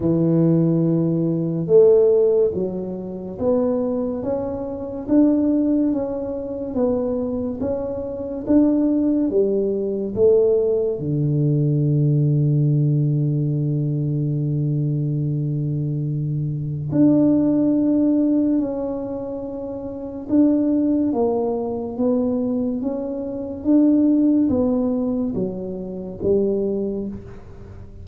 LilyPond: \new Staff \with { instrumentName = "tuba" } { \time 4/4 \tempo 4 = 71 e2 a4 fis4 | b4 cis'4 d'4 cis'4 | b4 cis'4 d'4 g4 | a4 d2.~ |
d1 | d'2 cis'2 | d'4 ais4 b4 cis'4 | d'4 b4 fis4 g4 | }